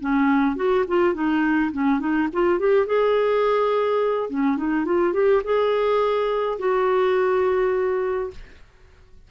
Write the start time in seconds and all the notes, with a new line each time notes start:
0.00 C#4
0.56 F#4
0.87 F4
1.14 D#4
1.71 C#4
1.99 D#4
2.32 F4
2.59 G4
2.86 G#4
4.29 C#4
4.57 D#4
4.85 F4
5.13 G4
5.44 G#4
6.58 F#4